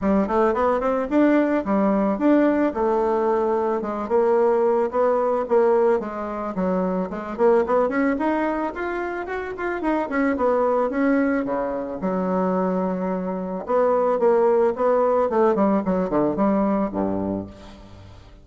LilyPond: \new Staff \with { instrumentName = "bassoon" } { \time 4/4 \tempo 4 = 110 g8 a8 b8 c'8 d'4 g4 | d'4 a2 gis8 ais8~ | ais4 b4 ais4 gis4 | fis4 gis8 ais8 b8 cis'8 dis'4 |
f'4 fis'8 f'8 dis'8 cis'8 b4 | cis'4 cis4 fis2~ | fis4 b4 ais4 b4 | a8 g8 fis8 d8 g4 g,4 | }